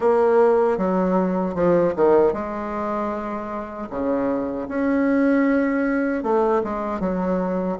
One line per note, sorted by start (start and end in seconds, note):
0.00 0.77 A#3
0.77 1.54 F#3
1.54 1.93 F3
1.96 2.33 D#3
2.33 3.89 G#3
3.90 4.68 C#3
4.68 6.23 C#4
6.23 6.62 A3
6.63 7.00 G#3
7.00 7.77 F#3